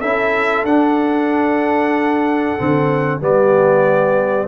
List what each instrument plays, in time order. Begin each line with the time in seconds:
0.00 tuba C#4, trombone E4, horn A4, trumpet E5
0.64 tuba D4, trombone D4, trumpet F#5
2.58 tuba D3, trombone C4
3.21 tuba G3, trombone B3, horn G4, trumpet D5